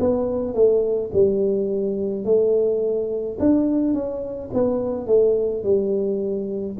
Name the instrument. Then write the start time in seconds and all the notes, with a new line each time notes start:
tuba
0.00 B3
0.54 A3
1.13 G3
2.25 A3
3.40 D4
3.94 C#4
4.53 B3
5.07 A3
5.63 G3